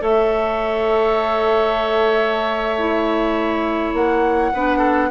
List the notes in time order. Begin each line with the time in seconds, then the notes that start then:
0.00 A3 A4 C#5 E5
2.78 E4
3.93 A#3 F#5
4.54 B3 D4 B4
4.79 A4